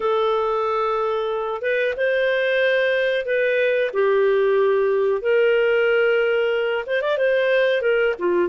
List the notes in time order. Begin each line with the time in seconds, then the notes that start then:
0.00 A4
1.61 B4
1.96 C5
3.25 B4
3.93 G4
5.21 A#4
6.86 C5
7.01 D5
7.17 C5
7.81 A#4
8.18 F4